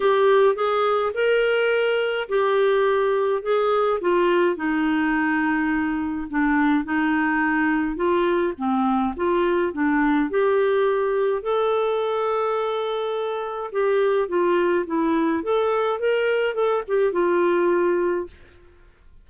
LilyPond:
\new Staff \with { instrumentName = "clarinet" } { \time 4/4 \tempo 4 = 105 g'4 gis'4 ais'2 | g'2 gis'4 f'4 | dis'2. d'4 | dis'2 f'4 c'4 |
f'4 d'4 g'2 | a'1 | g'4 f'4 e'4 a'4 | ais'4 a'8 g'8 f'2 | }